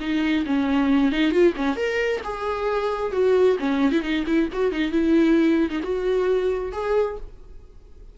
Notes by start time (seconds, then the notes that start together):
0.00 D#4
0.46 C#4
1.12 D#4
1.31 F4
1.56 C#4
1.76 A#4
2.23 G#4
3.12 F#4
3.59 C#4
3.92 E4
4.02 D#4
4.26 E4
4.52 F#4
4.72 D#4
4.91 E4
5.70 D#4
5.83 F#4
6.72 G#4